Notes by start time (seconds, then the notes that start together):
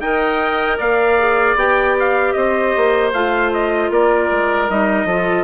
0.00 D#4 A#4 D#5 G5
0.77 A#3 D5 F5
1.18 G#4
1.55 B3 G4 G5
1.99 F5
2.33 C4 C5 D#5
2.76 A#3
3.12 A3 F4 F5
3.53 D#5
3.90 A#3 A#4 D5
4.31 G#3
4.69 G3 D#4 D#5
5.05 F3 F4 A4